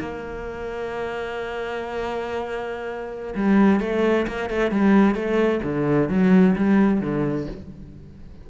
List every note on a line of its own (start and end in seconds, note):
0.00 3.35 A#3
3.35 3.81 G3
3.81 4.27 A3
4.28 4.50 A#3
4.50 4.71 A3
4.71 5.15 G3
5.15 5.62 A3
5.63 6.10 D3
6.10 6.56 F#3
6.56 7.01 G3
7.01 7.47 D3